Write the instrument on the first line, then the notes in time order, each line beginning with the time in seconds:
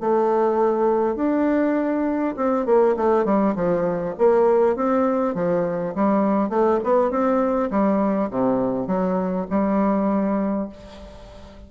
bassoon
0.00 A3
1.16 D4
2.37 C4
2.66 A#3
2.96 A3
3.25 G3
3.55 F3
4.18 A#3
4.76 C4
5.34 F3
5.95 G3
6.49 A3
6.83 B3
7.10 C4
7.70 G3
8.30 C3
8.87 F#3
9.50 G3